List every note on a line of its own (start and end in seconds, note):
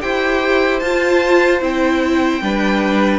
0.00 0.81 E4
0.00 0.80 G4
0.00 2.42 C5
0.00 0.79 G5
0.79 1.61 F4
0.79 1.59 A5
1.61 2.41 C4
1.61 2.41 E4
1.61 3.19 G5
2.41 3.19 G3
2.41 3.19 D4
2.41 3.19 B4